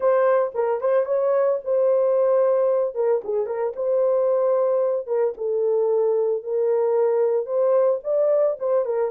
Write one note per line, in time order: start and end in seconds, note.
0.00 0.52 C5
0.54 0.80 A#4
0.80 1.05 C5
1.05 1.59 C#5
1.64 2.94 C5
2.94 3.21 A#4
3.23 3.46 G#4
3.46 3.73 A#4
3.75 5.06 C5
5.06 5.33 A#4
5.37 6.43 A4
6.43 7.46 A#4
7.46 7.99 C5
8.03 8.57 D5
8.59 8.85 C5
8.85 9.11 A#4